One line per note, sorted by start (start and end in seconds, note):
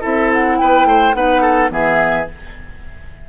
0.00 0.61 C4
0.00 1.14 E4
0.00 0.56 A4
0.00 0.32 E5
0.32 0.58 F#5
0.58 0.84 B3
0.58 0.87 B4
0.58 1.14 G5
0.84 1.12 A3
0.84 1.15 C5
1.13 1.69 B3
1.13 1.68 D#4
1.13 1.41 B4
1.13 1.70 F#5
1.41 1.70 A4
1.68 2.26 E3
1.68 2.24 B3
1.68 2.29 G#4
1.68 2.27 E5